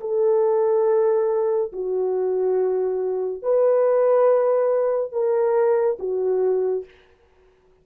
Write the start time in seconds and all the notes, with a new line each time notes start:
0.00 A4
1.72 F#4
3.42 B4
5.12 A#4
5.99 F#4